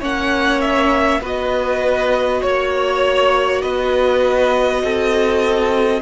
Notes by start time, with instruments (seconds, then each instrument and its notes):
0.00 cello A#3, viola C#4, violin C#5 F#5
0.60 violin E5
1.20 cello B3, viola F#4, violin B4 D#5
2.41 cello A#3, violin C#5
3.62 cello B3, violin B4 D#5
4.83 cello C4, violin A4